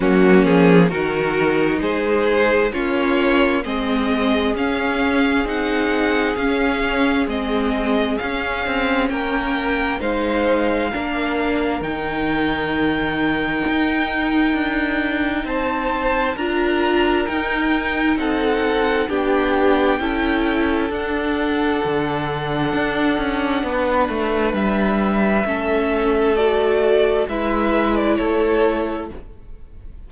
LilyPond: <<
  \new Staff \with { instrumentName = "violin" } { \time 4/4 \tempo 4 = 66 fis'8 gis'8 ais'4 c''4 cis''4 | dis''4 f''4 fis''4 f''4 | dis''4 f''4 g''4 f''4~ | f''4 g''2.~ |
g''4 a''4 ais''4 g''4 | fis''4 g''2 fis''4~ | fis''2. e''4~ | e''4 d''4 e''8. d''16 cis''4 | }
  \new Staff \with { instrumentName = "violin" } { \time 4/4 cis'4 fis'4 gis'4 f'4 | gis'1~ | gis'2 ais'4 c''4 | ais'1~ |
ais'4 c''4 ais'2 | a'4 g'4 a'2~ | a'2 b'2 | a'2 b'4 a'4 | }
  \new Staff \with { instrumentName = "viola" } { \time 4/4 ais4 dis'2 cis'4 | c'4 cis'4 dis'4 cis'4 | c'4 cis'2 dis'4 | d'4 dis'2.~ |
dis'2 f'4 dis'4~ | dis'4 d'4 e'4 d'4~ | d'1 | cis'4 fis'4 e'2 | }
  \new Staff \with { instrumentName = "cello" } { \time 4/4 fis8 f8 dis4 gis4 ais4 | gis4 cis'4 c'4 cis'4 | gis4 cis'8 c'8 ais4 gis4 | ais4 dis2 dis'4 |
d'4 c'4 d'4 dis'4 | c'4 b4 cis'4 d'4 | d4 d'8 cis'8 b8 a8 g4 | a2 gis4 a4 | }
>>